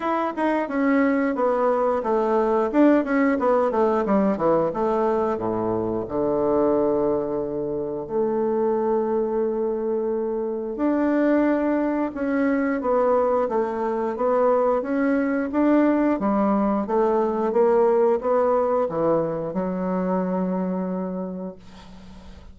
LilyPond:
\new Staff \with { instrumentName = "bassoon" } { \time 4/4 \tempo 4 = 89 e'8 dis'8 cis'4 b4 a4 | d'8 cis'8 b8 a8 g8 e8 a4 | a,4 d2. | a1 |
d'2 cis'4 b4 | a4 b4 cis'4 d'4 | g4 a4 ais4 b4 | e4 fis2. | }